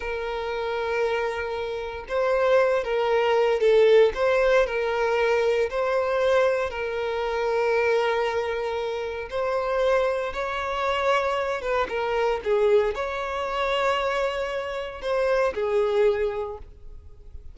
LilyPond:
\new Staff \with { instrumentName = "violin" } { \time 4/4 \tempo 4 = 116 ais'1 | c''4. ais'4. a'4 | c''4 ais'2 c''4~ | c''4 ais'2.~ |
ais'2 c''2 | cis''2~ cis''8 b'8 ais'4 | gis'4 cis''2.~ | cis''4 c''4 gis'2 | }